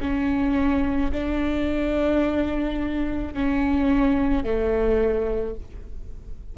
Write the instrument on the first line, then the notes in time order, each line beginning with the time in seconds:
viola
0.00 C#4
1.12 D4
3.33 C#4
4.43 A3